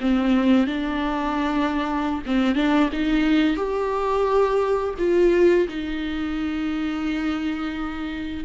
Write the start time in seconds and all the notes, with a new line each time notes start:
0.00 C4
0.67 D4
2.26 C4
2.55 D4
2.92 D#4
3.56 G4
4.98 F4
5.68 D#4